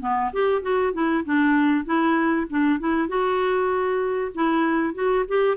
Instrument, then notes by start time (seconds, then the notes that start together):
clarinet
0.00 B3
0.33 G4
0.62 F#4
0.93 E4
1.25 D4
1.85 E4
2.49 D4
2.79 E4
3.08 F#4
4.34 E4
4.94 F#4
5.28 G4